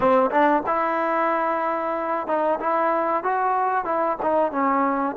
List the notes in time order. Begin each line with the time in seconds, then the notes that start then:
0.00 C4
0.30 D4
0.66 E4
2.27 D#4
2.60 E4
3.23 F#4
3.84 E4
4.22 D#4
4.51 C#4